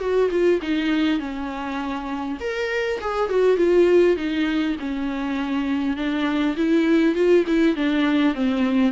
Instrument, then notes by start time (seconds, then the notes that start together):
viola
0.00 F#4
0.31 F4
0.62 D#4
1.20 C#4
2.40 A#4
3.01 G#4
3.30 F#4
3.58 F4
4.17 D#4
4.80 C#4
5.97 D4
6.57 E4
7.15 F4
7.47 E4
7.76 D4
8.35 C4